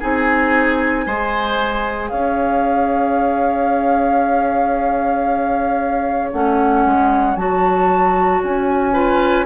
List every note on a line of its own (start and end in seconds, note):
0.00 1.06 C4
0.00 1.06 D#4
0.00 1.05 G#4
0.00 2.09 G#5
1.06 2.12 G#3
1.06 6.33 G#4
1.06 2.10 C5
2.09 6.33 C#4
2.09 8.93 C#5
2.09 6.30 F5
6.32 6.85 A3
6.32 7.37 C#4
6.32 7.36 F#5
6.85 7.35 G#3
7.35 8.41 F#3
7.35 8.93 F#4
7.35 8.42 A5
8.43 9.46 C#4
8.43 9.46 G#5
8.93 9.46 F4
8.93 9.46 B4